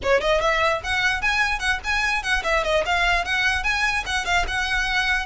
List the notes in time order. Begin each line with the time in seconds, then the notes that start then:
0.03 C#5
0.20 D#5
0.40 E5
0.83 F#5
1.21 G#5
1.59 F#5
1.84 G#5
2.22 F#5
2.43 E5
2.64 D#5
2.85 F5
3.25 F#5
3.63 G#5
4.06 F#5
4.25 F5
4.47 F#5